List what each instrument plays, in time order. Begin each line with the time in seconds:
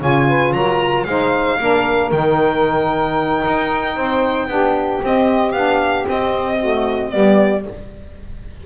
0.00 double bass C#3, saxophone F4 C#5, violin G#5
0.29 saxophone B4
0.53 double bass F#3, saxophone A#4, violin A#5
1.04 double bass G#3, saxophone D#4 C5, violin F5
1.59 double bass A#3, saxophone D4 A#4
2.12 double bass D#3, saxophone D#4, violin G5
3.46 double bass D#4
3.96 double bass C4, saxophone C5
4.48 double bass B3, saxophone D4 G4
5.01 saxophone C4, double bass C4, violin D#5
5.52 double bass B3, saxophone D4, violin F5
6.05 saxophone C4, double bass C4, violin D#5
6.58 saxophone A3 F#4
7.11 double bass G3, saxophone B3 G4, violin D5